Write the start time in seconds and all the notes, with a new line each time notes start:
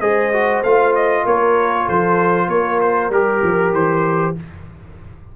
0.00 G#3 G#4 C5 D#5
0.33 F#4
0.63 A3 F4 F5
0.95 D#5
1.24 A#3 A#4 C#5
1.85 F3 A4 C5
2.48 A#3 A#4 C#5
2.81 C5
3.09 G3 G4 A#4
3.43 F3
3.73 E3 C5